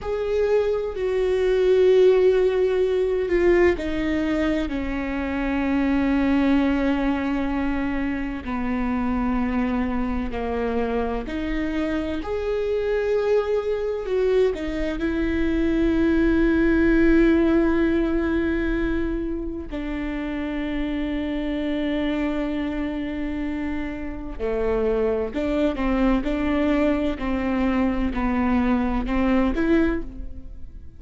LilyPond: \new Staff \with { instrumentName = "viola" } { \time 4/4 \tempo 4 = 64 gis'4 fis'2~ fis'8 f'8 | dis'4 cis'2.~ | cis'4 b2 ais4 | dis'4 gis'2 fis'8 dis'8 |
e'1~ | e'4 d'2.~ | d'2 a4 d'8 c'8 | d'4 c'4 b4 c'8 e'8 | }